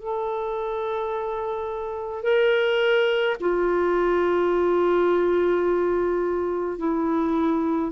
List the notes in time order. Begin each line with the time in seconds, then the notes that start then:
0.00 A4
2.23 A#4
3.41 F4
6.79 E4